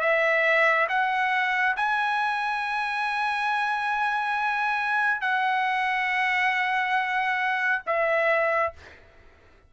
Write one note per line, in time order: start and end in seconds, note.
0.00 0.87 E5
0.89 1.75 F#5
1.76 5.21 G#5
5.21 7.82 F#5
7.86 8.73 E5